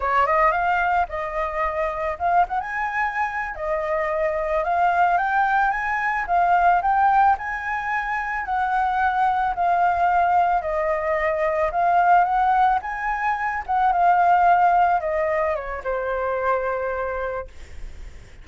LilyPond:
\new Staff \with { instrumentName = "flute" } { \time 4/4 \tempo 4 = 110 cis''8 dis''8 f''4 dis''2 | f''8 fis''16 gis''4.~ gis''16 dis''4.~ | dis''8 f''4 g''4 gis''4 f''8~ | f''8 g''4 gis''2 fis''8~ |
fis''4. f''2 dis''8~ | dis''4. f''4 fis''4 gis''8~ | gis''4 fis''8 f''2 dis''8~ | dis''8 cis''8 c''2. | }